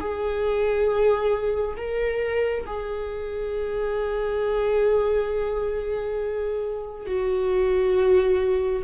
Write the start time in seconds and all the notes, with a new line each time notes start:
0.00 G#4
1.77 A#4
2.66 G#4
7.07 F#4